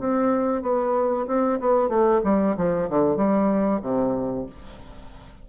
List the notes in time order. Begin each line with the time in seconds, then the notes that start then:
0.00 C4
0.62 B3
1.28 C4
1.60 B3
1.89 A3
2.24 G3
2.57 F3
2.90 D3
3.17 G3
3.83 C3